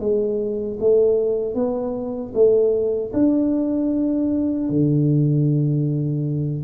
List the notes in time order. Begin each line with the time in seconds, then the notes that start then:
0.00 G#3
0.80 A3
1.55 B3
2.34 A3
3.13 D4
4.70 D3